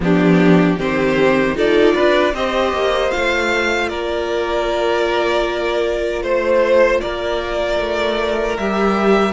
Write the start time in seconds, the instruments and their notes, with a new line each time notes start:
0.00 cello F3, viola B3, violin D4 G4
0.77 cello D#3, viola C4, violin G4 C5
1.55 cello D#4, viola F4, violin A4 D5
1.94 cello D4, violin B4
2.33 cello C4, viola G4, violin C5 D#5
2.72 cello A#3
3.11 cello A3, viola F4, violin F5
3.88 cello A#3, violin A#4 D5
6.21 cello A3, violin C5
7.00 cello A#3, violin A#4 D5
7.79 cello A3
8.57 cello G3, viola G4, violin E5